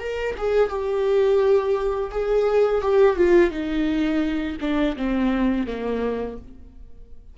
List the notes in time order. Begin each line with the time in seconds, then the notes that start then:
0.00 A#4
0.38 G#4
0.69 G4
2.12 G#4
2.82 G4
3.17 F4
3.51 D#4
4.61 D4
4.97 C4
5.67 A#3